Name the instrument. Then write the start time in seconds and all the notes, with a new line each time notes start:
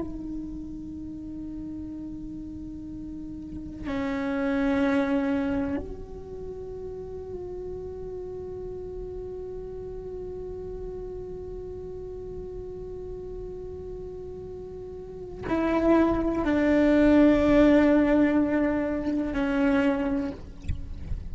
cello
0.00 D#4
3.87 C#4
5.76 F#4
15.48 E4
16.44 D4
19.34 C#4